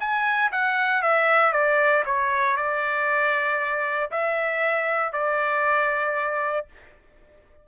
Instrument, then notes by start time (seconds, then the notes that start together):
trumpet
0.00 G#5
0.52 F#5
1.03 E5
1.53 D5
2.06 C#5
2.57 D5
4.11 E5
5.13 D5